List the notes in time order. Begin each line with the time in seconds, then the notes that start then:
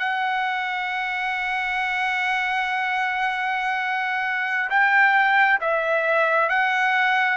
0.00 F#5
4.70 G5
5.61 E5
6.50 F#5